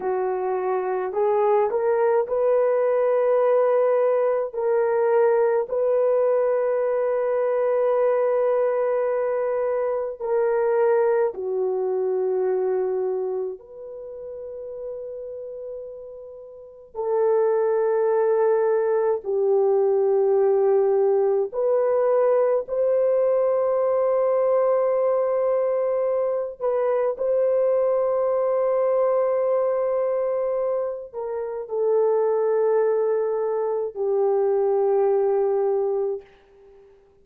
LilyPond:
\new Staff \with { instrumentName = "horn" } { \time 4/4 \tempo 4 = 53 fis'4 gis'8 ais'8 b'2 | ais'4 b'2.~ | b'4 ais'4 fis'2 | b'2. a'4~ |
a'4 g'2 b'4 | c''2.~ c''8 b'8 | c''2.~ c''8 ais'8 | a'2 g'2 | }